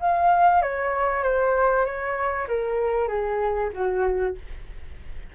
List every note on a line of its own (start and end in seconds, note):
0.00 0.62 F5
0.62 1.23 C#5
1.23 1.85 C5
1.85 2.47 C#5
2.48 3.08 A#4
3.08 3.70 G#4
3.73 4.35 F#4